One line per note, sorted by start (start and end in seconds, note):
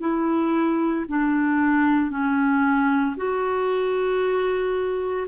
0.00 1.05 E4
1.08 2.11 D4
2.11 3.16 C#4
3.17 5.27 F#4